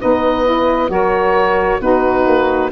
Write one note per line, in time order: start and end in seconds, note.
0.00 0.89 B3
0.00 0.45 D#4
0.00 0.90 B4
0.00 0.91 D#5
0.45 0.89 E4
0.89 1.80 F#3
0.89 1.80 F#4
0.89 1.80 A#4
0.89 1.81 C#5
1.80 2.26 B3
1.80 2.71 D#4
1.80 2.70 F#4
1.80 2.71 B4
2.26 2.71 A#3